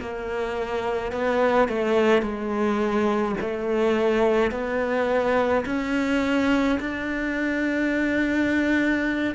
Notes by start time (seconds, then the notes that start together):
0.00 A#3
1.12 B3
1.68 A3
2.22 G#3
3.41 A3
4.51 B3
5.66 C#4
6.80 D4